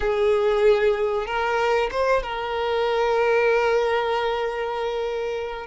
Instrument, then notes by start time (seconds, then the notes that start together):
violin
0.00 G#4
1.26 A#4
1.91 C5
2.22 A#4